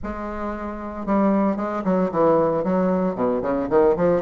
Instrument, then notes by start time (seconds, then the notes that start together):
bassoon
0.03 G#3
1.06 G3
1.56 G#3
1.84 F#3
2.11 E3
2.63 F#3
3.15 B2
3.42 C#3
3.69 D#3
3.96 F3